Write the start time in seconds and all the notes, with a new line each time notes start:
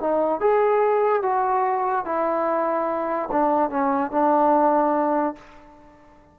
0.00 D#4
0.41 G#4
1.23 F#4
2.06 E4
3.32 D4
3.70 C#4
4.12 D4